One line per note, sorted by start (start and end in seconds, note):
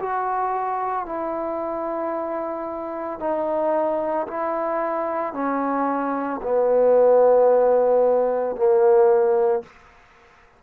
0.00 1.06 F#4
1.06 3.20 E4
3.20 4.27 D#4
4.28 5.34 E4
5.34 6.41 C#4
6.42 8.56 B3
8.56 9.63 A#3